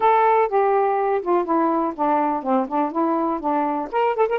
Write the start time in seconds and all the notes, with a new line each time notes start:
0.00 A4
0.48 G4
1.22 F4
1.44 E4
1.95 D4
2.43 C4
2.68 D4
2.91 E4
3.40 D4
3.91 A#4
4.16 A4
4.28 A#4